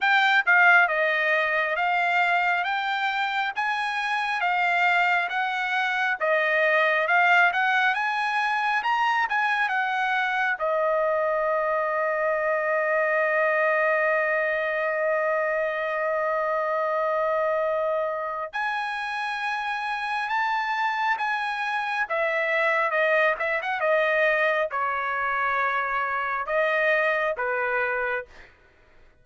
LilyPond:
\new Staff \with { instrumentName = "trumpet" } { \time 4/4 \tempo 4 = 68 g''8 f''8 dis''4 f''4 g''4 | gis''4 f''4 fis''4 dis''4 | f''8 fis''8 gis''4 ais''8 gis''8 fis''4 | dis''1~ |
dis''1~ | dis''4 gis''2 a''4 | gis''4 e''4 dis''8 e''16 fis''16 dis''4 | cis''2 dis''4 b'4 | }